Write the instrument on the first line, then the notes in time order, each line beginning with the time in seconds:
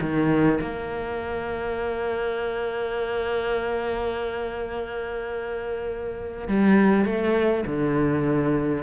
cello
0.00 D#3
0.60 A#3
6.47 G3
7.05 A3
7.66 D3